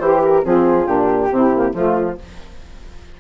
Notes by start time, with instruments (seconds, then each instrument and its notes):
0.00 bassoon E3, saxophone G4, flute C5
0.24 flute A#4
0.44 bassoon F3, saxophone C4 F4, flute G#4
0.86 bassoon A#2, saxophone D4, flute G4
1.31 bassoon C3, saxophone C4 E4
1.55 saxophone A#3
1.74 bassoon F3, saxophone A3 F4, flute F4